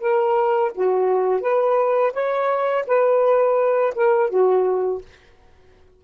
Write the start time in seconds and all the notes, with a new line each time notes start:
0.00 A#4
0.74 F#4
1.41 B4
2.13 C#5
2.87 B4
3.95 A#4
4.30 F#4